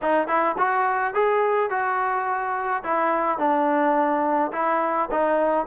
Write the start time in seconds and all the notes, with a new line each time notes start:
0.02 D#4
0.27 E4
0.58 F#4
1.13 G#4
1.70 F#4
2.83 E4
3.38 D4
4.52 E4
5.11 D#4